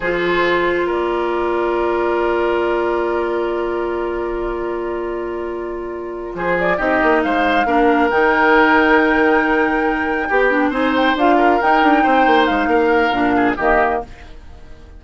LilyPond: <<
  \new Staff \with { instrumentName = "flute" } { \time 4/4 \tempo 4 = 137 c''2 d''2~ | d''1~ | d''1~ | d''2~ d''8 c''8 d''8 dis''8~ |
dis''8 f''2 g''4.~ | g''1~ | g''8 gis''8 g''8 f''4 g''4.~ | g''8 f''2~ f''8 dis''4 | }
  \new Staff \with { instrumentName = "oboe" } { \time 4/4 a'2 ais'2~ | ais'1~ | ais'1~ | ais'2~ ais'8 gis'4 g'8~ |
g'8 c''4 ais'2~ ais'8~ | ais'2.~ ais'8 g'8~ | g'8 c''4. ais'4. c''8~ | c''4 ais'4. gis'8 g'4 | }
  \new Staff \with { instrumentName = "clarinet" } { \time 4/4 f'1~ | f'1~ | f'1~ | f'2.~ f'8 dis'8~ |
dis'4. d'4 dis'4.~ | dis'2.~ dis'8 g'8 | d'8 dis'4 f'4 dis'4.~ | dis'2 d'4 ais4 | }
  \new Staff \with { instrumentName = "bassoon" } { \time 4/4 f2 ais2~ | ais1~ | ais1~ | ais2~ ais8 f4 c'8 |
ais8 gis4 ais4 dis4.~ | dis2.~ dis8 b8~ | b8 c'4 d'4 dis'8 d'8 c'8 | ais8 gis8 ais4 ais,4 dis4 | }
>>